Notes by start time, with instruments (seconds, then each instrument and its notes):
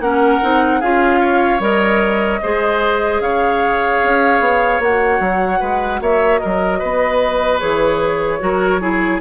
0.00 bassoon A#3, clarinet C#4, oboe A#4, flute F#5
0.42 bassoon C4, clarinet D#4
0.80 bassoon C#4, clarinet F4, oboe G#4, flute F5
1.21 oboe C#5
1.60 bassoon G3, clarinet A#4, flute D#5
2.42 bassoon G#3, clarinet G#4, oboe C5
3.20 bassoon C#3, oboe C#5, flute F5
4.03 bassoon C#4
4.40 bassoon B3
4.79 bassoon A#3, clarinet F#4, flute F#5
5.20 bassoon F#3
5.60 bassoon G#3, oboe B4
6.01 bassoon A#3, oboe C#5, flute E5
6.39 bassoon F#3, oboe A#4, flute D#5
6.79 bassoon B3, oboe B4
7.60 bassoon E3, clarinet G#4, flute C#5
8.39 bassoon F#3, clarinet F#4, oboe A#4
8.81 clarinet E4, oboe G#4